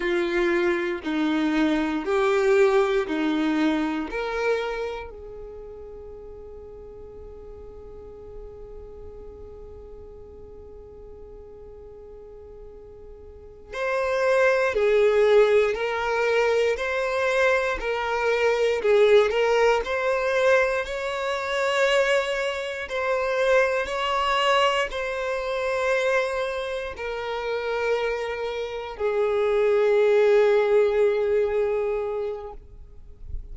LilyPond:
\new Staff \with { instrumentName = "violin" } { \time 4/4 \tempo 4 = 59 f'4 dis'4 g'4 dis'4 | ais'4 gis'2.~ | gis'1~ | gis'4. c''4 gis'4 ais'8~ |
ais'8 c''4 ais'4 gis'8 ais'8 c''8~ | c''8 cis''2 c''4 cis''8~ | cis''8 c''2 ais'4.~ | ais'8 gis'2.~ gis'8 | }